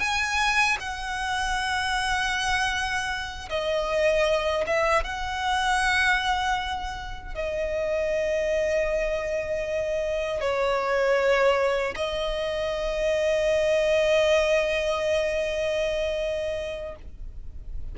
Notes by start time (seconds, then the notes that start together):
0.00 G#5
0.80 F#5
3.49 D#5
4.66 E5
5.03 F#5
7.35 D#5
10.41 C#5
11.95 D#5